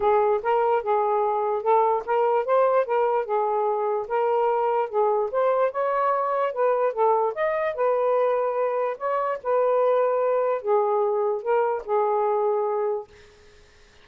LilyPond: \new Staff \with { instrumentName = "saxophone" } { \time 4/4 \tempo 4 = 147 gis'4 ais'4 gis'2 | a'4 ais'4 c''4 ais'4 | gis'2 ais'2 | gis'4 c''4 cis''2 |
b'4 a'4 dis''4 b'4~ | b'2 cis''4 b'4~ | b'2 gis'2 | ais'4 gis'2. | }